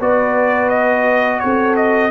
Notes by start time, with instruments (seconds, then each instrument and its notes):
0.00 tuba B3, trombone F#4, horn B4, trumpet D5
0.69 trumpet D#5
1.40 tuba C4, horn A4, trumpet C#5
1.76 trumpet D#5